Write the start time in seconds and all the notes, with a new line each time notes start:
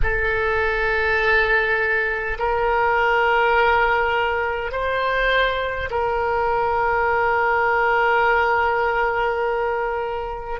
0.03 A4
2.39 A#4
4.71 C5
5.90 A#4